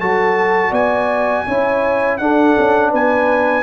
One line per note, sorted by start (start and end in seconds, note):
0.00 0.72 F#3
0.00 1.47 F#4
0.00 0.71 A4
0.00 0.74 A5
0.71 1.45 B3
0.71 1.44 D5
0.71 2.18 G#5
1.47 2.20 C#4
1.47 2.21 E4
1.47 2.20 C#5
2.18 2.57 D4
2.18 3.63 D4
2.18 2.91 A4
2.18 2.91 F#5
2.59 2.93 C#4
2.91 3.63 B3
2.91 3.63 B4
2.91 3.63 G#5